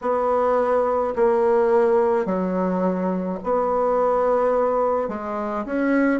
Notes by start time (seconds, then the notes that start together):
0.01 B3
1.15 A#3
2.25 F#3
3.43 B3
5.08 G#3
5.66 C#4